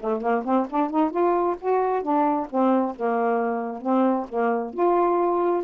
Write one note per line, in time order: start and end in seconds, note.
0.00 0.21 A3
0.21 0.44 A#3
0.45 0.67 C4
0.70 0.90 D4
0.90 1.11 D#4
1.11 1.56 F4
1.61 2.02 F#4
2.02 2.47 D4
2.50 2.95 C4
2.96 3.82 A#3
3.82 4.27 C4
4.29 4.74 A#3
4.74 5.64 F4